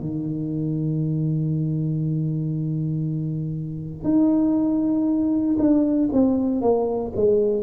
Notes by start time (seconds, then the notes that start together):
0.00 D#3
4.04 D#4
5.58 D4
6.12 C4
6.61 A#3
7.16 G#3